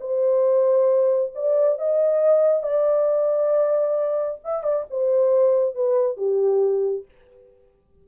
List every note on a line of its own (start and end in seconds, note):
0.00 1.32 C5
1.35 1.79 D5
1.79 2.63 D#5
2.63 4.40 D5
4.44 4.63 E5
4.63 4.85 D5
4.90 5.75 C5
5.75 6.17 B4
6.17 7.05 G4